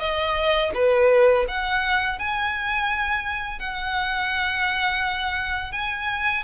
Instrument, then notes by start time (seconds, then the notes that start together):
violin
0.00 D#5
0.75 B4
1.48 F#5
2.19 G#5
3.59 F#5
5.72 G#5